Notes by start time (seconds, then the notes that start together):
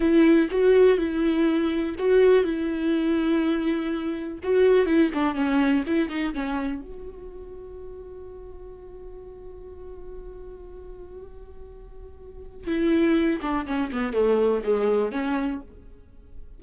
0.00 E4
0.50 F#4
0.98 E4
1.98 F#4
2.44 E4
4.43 F#4
4.86 E4
5.14 D4
5.34 C#4
5.86 E4
6.09 D#4
6.34 C#4
6.81 F#4
12.67 E4
13.41 D4
13.66 C#4
13.92 B3
14.13 A3
14.63 G#3
15.12 C#4